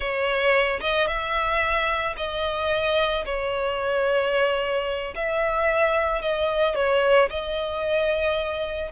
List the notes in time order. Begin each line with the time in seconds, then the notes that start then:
0.00 C#5
0.80 D#5
1.07 E5
2.16 D#5
3.25 C#5
5.15 E5
6.21 D#5
6.75 C#5
7.29 D#5